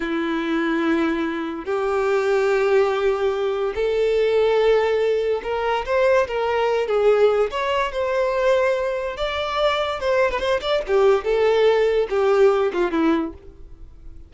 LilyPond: \new Staff \with { instrumentName = "violin" } { \time 4/4 \tempo 4 = 144 e'1 | g'1~ | g'4 a'2.~ | a'4 ais'4 c''4 ais'4~ |
ais'8 gis'4. cis''4 c''4~ | c''2 d''2 | c''8. b'16 c''8 d''8 g'4 a'4~ | a'4 g'4. f'8 e'4 | }